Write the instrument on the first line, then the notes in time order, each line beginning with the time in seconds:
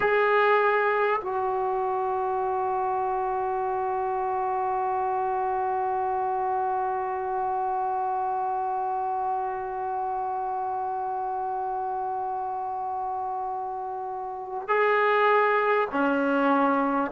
trombone
0.00 G#4
1.21 F#4
14.67 G#4
15.91 C#4